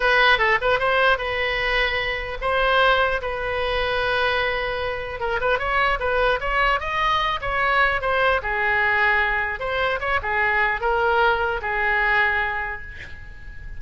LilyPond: \new Staff \with { instrumentName = "oboe" } { \time 4/4 \tempo 4 = 150 b'4 a'8 b'8 c''4 b'4~ | b'2 c''2 | b'1~ | b'4 ais'8 b'8 cis''4 b'4 |
cis''4 dis''4. cis''4. | c''4 gis'2. | c''4 cis''8 gis'4. ais'4~ | ais'4 gis'2. | }